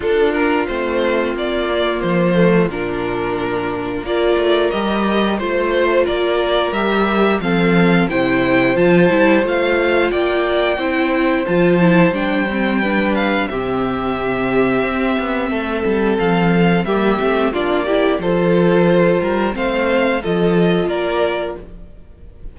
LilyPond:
<<
  \new Staff \with { instrumentName = "violin" } { \time 4/4 \tempo 4 = 89 a'8 ais'8 c''4 d''4 c''4 | ais'2 d''4 dis''4 | c''4 d''4 e''4 f''4 | g''4 a''4 f''4 g''4~ |
g''4 a''4 g''4. f''8 | e''1 | f''4 e''4 d''4 c''4~ | c''4 f''4 dis''4 d''4 | }
  \new Staff \with { instrumentName = "violin" } { \time 4/4 f'1~ | f'2 ais'2 | c''4 ais'2 a'4 | c''2. d''4 |
c''2. b'4 | g'2. a'4~ | a'4 g'4 f'8 g'8 a'4~ | a'8 ais'8 c''4 a'4 ais'4 | }
  \new Staff \with { instrumentName = "viola" } { \time 4/4 d'4 c'4. ais4 a8 | d'2 f'4 g'4 | f'2 g'4 c'4 | e'4 f'8 e'8 f'2 |
e'4 f'8 e'8 d'8 c'8 d'4 | c'1~ | c'4 ais8 c'8 d'8 e'8 f'4~ | f'4 c'4 f'2 | }
  \new Staff \with { instrumentName = "cello" } { \time 4/4 d'4 a4 ais4 f4 | ais,2 ais8 a8 g4 | a4 ais4 g4 f4 | c4 f8 g8 a4 ais4 |
c'4 f4 g2 | c2 c'8 b8 a8 g8 | f4 g8 a8 ais4 f4~ | f8 g8 a4 f4 ais4 | }
>>